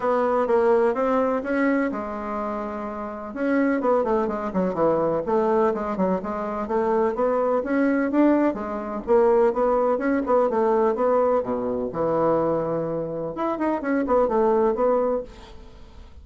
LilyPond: \new Staff \with { instrumentName = "bassoon" } { \time 4/4 \tempo 4 = 126 b4 ais4 c'4 cis'4 | gis2. cis'4 | b8 a8 gis8 fis8 e4 a4 | gis8 fis8 gis4 a4 b4 |
cis'4 d'4 gis4 ais4 | b4 cis'8 b8 a4 b4 | b,4 e2. | e'8 dis'8 cis'8 b8 a4 b4 | }